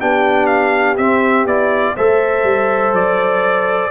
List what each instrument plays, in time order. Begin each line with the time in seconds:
0.00 tuba B3, trombone D4, horn G4, trumpet G5
0.47 trumpet F5
0.97 tuba C4, trombone C4, trumpet E5
1.45 tuba B3, trombone E4, trumpet D5
1.95 tuba A3, trombone A4, horn C5, trumpet E5
2.44 tuba G3
2.93 tuba F#3, trumpet D5